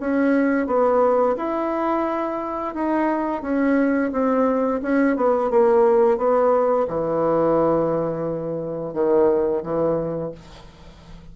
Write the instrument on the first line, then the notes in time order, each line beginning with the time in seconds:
bassoon
0.00 C#4
0.67 B3
1.37 E4
2.75 D#4
3.42 C#4
4.12 C4
4.82 C#4
5.17 B3
5.51 A#3
6.18 B3
6.88 E3
8.94 D#3
9.63 E3